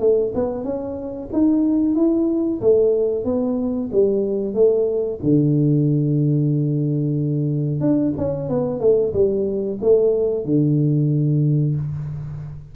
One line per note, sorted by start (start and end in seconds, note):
0.00 0.33 A3
0.35 0.64 B3
0.64 1.30 C#4
1.33 1.96 D#4
1.96 2.61 E4
2.61 3.25 A3
3.25 3.90 B3
3.92 4.54 G3
4.54 5.20 A3
5.23 7.81 D3
7.81 8.13 D4
8.18 8.49 C#4
8.49 8.80 B3
8.80 9.13 A3
9.14 9.79 G3
9.82 10.45 A3
10.45 11.75 D3